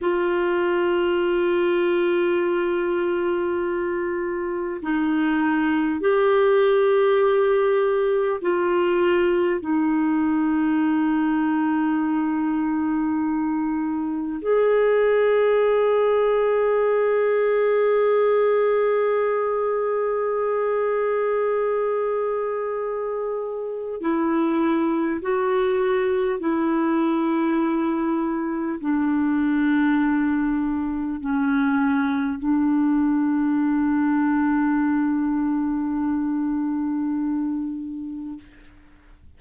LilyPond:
\new Staff \with { instrumentName = "clarinet" } { \time 4/4 \tempo 4 = 50 f'1 | dis'4 g'2 f'4 | dis'1 | gis'1~ |
gis'1 | e'4 fis'4 e'2 | d'2 cis'4 d'4~ | d'1 | }